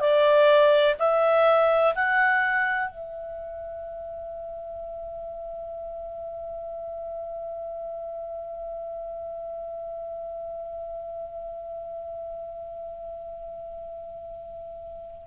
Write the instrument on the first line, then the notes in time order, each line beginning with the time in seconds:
clarinet
0.00 D5
0.99 E5
1.95 F#5
2.90 E5